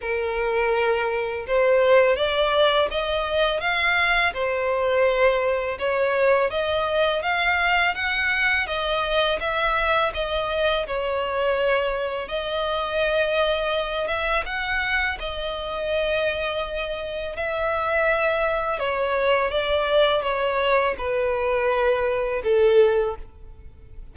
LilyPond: \new Staff \with { instrumentName = "violin" } { \time 4/4 \tempo 4 = 83 ais'2 c''4 d''4 | dis''4 f''4 c''2 | cis''4 dis''4 f''4 fis''4 | dis''4 e''4 dis''4 cis''4~ |
cis''4 dis''2~ dis''8 e''8 | fis''4 dis''2. | e''2 cis''4 d''4 | cis''4 b'2 a'4 | }